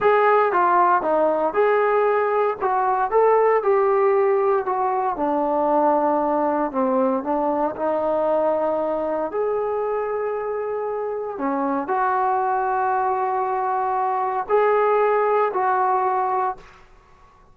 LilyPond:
\new Staff \with { instrumentName = "trombone" } { \time 4/4 \tempo 4 = 116 gis'4 f'4 dis'4 gis'4~ | gis'4 fis'4 a'4 g'4~ | g'4 fis'4 d'2~ | d'4 c'4 d'4 dis'4~ |
dis'2 gis'2~ | gis'2 cis'4 fis'4~ | fis'1 | gis'2 fis'2 | }